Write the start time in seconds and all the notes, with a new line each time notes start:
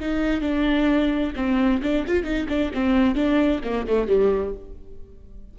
0.00 D#4
0.41 D4
1.36 C4
1.83 D4
2.07 F4
2.24 D#4
2.49 D4
2.74 C4
3.15 D4
3.64 A#3
3.87 A3
4.08 G3